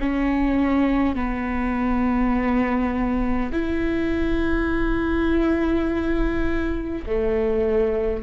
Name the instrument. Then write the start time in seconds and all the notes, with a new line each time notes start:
viola
0.00 C#4
1.16 B3
3.52 E4
7.06 A3